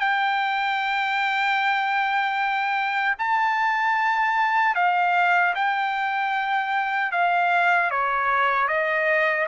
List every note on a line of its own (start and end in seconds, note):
0.00 3.16 G5
3.19 4.75 A5
4.75 5.54 F5
5.55 7.12 G5
7.12 7.91 F5
7.91 8.68 C#5
8.68 9.47 D#5